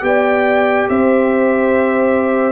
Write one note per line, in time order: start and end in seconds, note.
0.00 0.86 B3
0.00 2.52 G4
0.00 0.89 D5
0.00 0.88 G5
0.89 2.52 C4
0.89 2.52 C5
0.89 2.52 E5